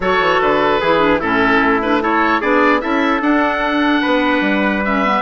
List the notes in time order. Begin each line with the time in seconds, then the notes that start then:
0.00 F#3 F#4 A4 C#5
0.19 E3
0.41 D3 B4
0.81 E3 E4 G#4
0.98 D4
1.20 A2 C#4 E4 A4
1.60 A3
1.82 D4 B4
2.01 E4 A4 C#5
2.40 B3 D4 G#4 D5
2.80 C#4 E4 A4 E5
3.20 D4 F#5
4.01 B3 B4
4.40 G3
4.84 C#4 E5
5.04 B3